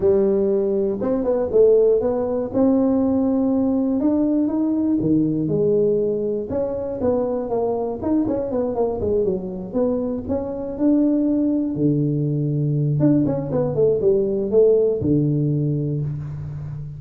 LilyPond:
\new Staff \with { instrumentName = "tuba" } { \time 4/4 \tempo 4 = 120 g2 c'8 b8 a4 | b4 c'2. | d'4 dis'4 dis4 gis4~ | gis4 cis'4 b4 ais4 |
dis'8 cis'8 b8 ais8 gis8 fis4 b8~ | b8 cis'4 d'2 d8~ | d2 d'8 cis'8 b8 a8 | g4 a4 d2 | }